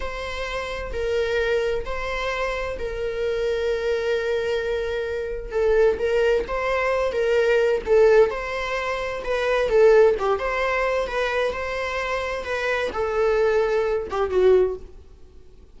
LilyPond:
\new Staff \with { instrumentName = "viola" } { \time 4/4 \tempo 4 = 130 c''2 ais'2 | c''2 ais'2~ | ais'1 | a'4 ais'4 c''4. ais'8~ |
ais'4 a'4 c''2 | b'4 a'4 g'8 c''4. | b'4 c''2 b'4 | a'2~ a'8 g'8 fis'4 | }